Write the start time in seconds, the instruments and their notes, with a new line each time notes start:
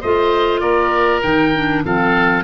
0.00 tuba A3, clarinet F4, oboe C5 D#5
0.60 tuba A#3, oboe A#4 D5
1.22 tuba D#3, clarinet D#4, oboe G5
1.55 clarinet D4
1.84 tuba F3, clarinet C4, oboe A4 F5